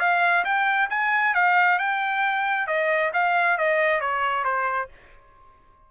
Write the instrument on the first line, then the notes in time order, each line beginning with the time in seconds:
trumpet
0.00 F5
0.45 G5
0.90 G#5
1.35 F5
1.79 G5
2.67 D#5
3.14 F5
3.58 D#5
4.01 C#5
4.45 C5